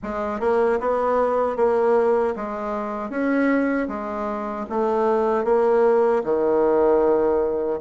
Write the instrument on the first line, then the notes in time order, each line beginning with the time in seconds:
bassoon
0.02 G#3
0.40 A#3
0.80 B3
1.56 A#3
2.36 G#3
3.10 C#4
3.87 G#3
4.69 A3
5.44 A#3
6.23 D#3